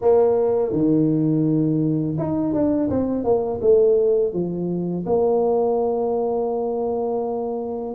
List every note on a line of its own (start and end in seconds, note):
0.01 0.72 A#3
0.72 2.17 D#3
2.18 2.53 D#4
2.53 2.89 D4
2.90 3.24 C4
3.24 3.60 A#3
3.61 4.33 A3
4.33 5.05 F3
5.05 7.94 A#3